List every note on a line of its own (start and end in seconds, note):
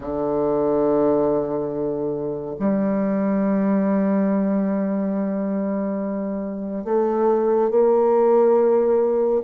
0.00 2.55 D3
2.59 6.84 G3
6.84 7.70 A3
7.70 9.42 A#3